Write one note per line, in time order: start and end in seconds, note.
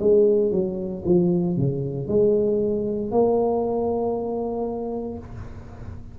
0.00 0.52 G#3
0.52 1.04 F#3
1.05 1.57 F3
1.57 2.08 C#3
2.08 3.12 G#3
3.12 5.19 A#3